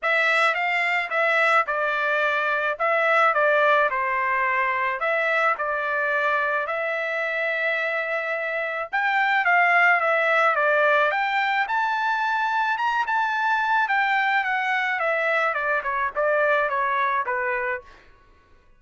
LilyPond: \new Staff \with { instrumentName = "trumpet" } { \time 4/4 \tempo 4 = 108 e''4 f''4 e''4 d''4~ | d''4 e''4 d''4 c''4~ | c''4 e''4 d''2 | e''1 |
g''4 f''4 e''4 d''4 | g''4 a''2 ais''8 a''8~ | a''4 g''4 fis''4 e''4 | d''8 cis''8 d''4 cis''4 b'4 | }